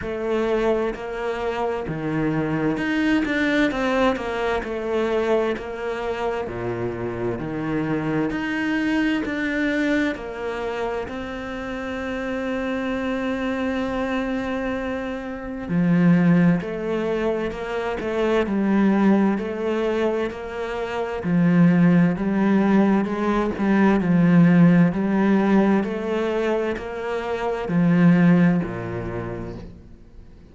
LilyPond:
\new Staff \with { instrumentName = "cello" } { \time 4/4 \tempo 4 = 65 a4 ais4 dis4 dis'8 d'8 | c'8 ais8 a4 ais4 ais,4 | dis4 dis'4 d'4 ais4 | c'1~ |
c'4 f4 a4 ais8 a8 | g4 a4 ais4 f4 | g4 gis8 g8 f4 g4 | a4 ais4 f4 ais,4 | }